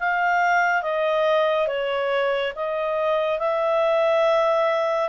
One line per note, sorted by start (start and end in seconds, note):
0.00 0.83 F5
0.83 1.68 D#5
1.68 2.53 C#5
2.56 3.39 D#5
3.39 5.10 E5